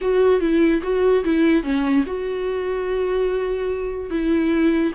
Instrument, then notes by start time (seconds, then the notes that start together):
viola
0.01 F#4
0.40 E4
0.82 F#4
1.24 E4
1.63 C#4
2.06 F#4
4.10 E4